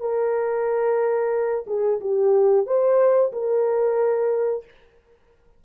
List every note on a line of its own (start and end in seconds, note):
0.00 1.65 A#4
1.67 2.00 G#4
2.00 2.66 G4
2.66 3.32 C5
3.32 4.64 A#4